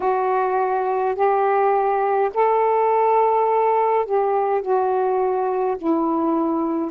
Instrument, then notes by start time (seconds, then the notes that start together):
saxophone
0.00 F#4
1.15 G4
2.33 A4
4.05 G4
4.61 F#4
5.77 E4